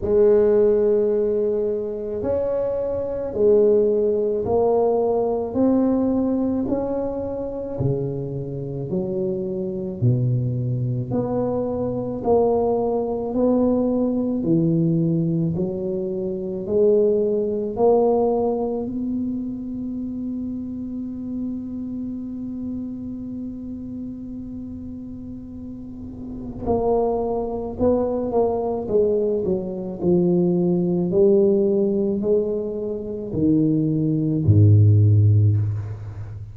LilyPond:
\new Staff \with { instrumentName = "tuba" } { \time 4/4 \tempo 4 = 54 gis2 cis'4 gis4 | ais4 c'4 cis'4 cis4 | fis4 b,4 b4 ais4 | b4 e4 fis4 gis4 |
ais4 b2.~ | b1 | ais4 b8 ais8 gis8 fis8 f4 | g4 gis4 dis4 gis,4 | }